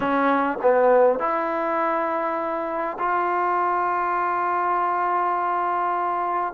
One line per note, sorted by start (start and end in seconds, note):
0.00 0.58 C#4
0.62 1.19 B3
1.19 2.97 E4
2.99 6.53 F4